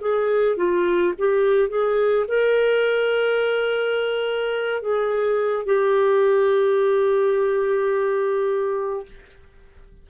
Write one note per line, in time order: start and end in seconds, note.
0.00 0.57 G#4
0.57 1.13 F4
1.18 1.69 G4
1.69 2.25 G#4
2.27 4.81 A#4
4.81 5.66 G#4
5.66 9.05 G4